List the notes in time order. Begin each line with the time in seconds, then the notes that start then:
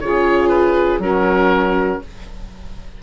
0.00 C#3 F4 G#4 C#5
0.48 B4
0.98 F#3 C#4 F#4 A#4